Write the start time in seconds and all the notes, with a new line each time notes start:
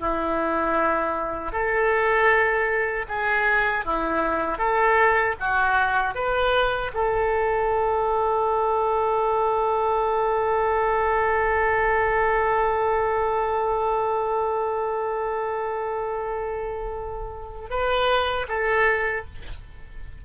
0.00 E4
1.52 A4
3.09 G#4
3.86 E4
4.59 A4
5.40 F#4
6.15 B4
6.94 A4
17.70 B4
18.49 A4